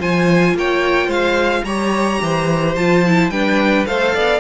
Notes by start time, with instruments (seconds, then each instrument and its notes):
0.00 cello F3, viola F4, violin C5 G#5
0.54 cello A#3, violin C#5 G5
1.07 cello G#3, violin C5 F5
1.64 cello G3, viola G4, violin C#5 A#5
2.22 cello E3, violin C5
2.76 cello F3, viola F4, violin A5
3.06 viola E4
3.30 cello G3, viola D4, violin B4 G5
3.87 cello A3, viola A4, violin C5 F5
4.15 cello B3, violin D5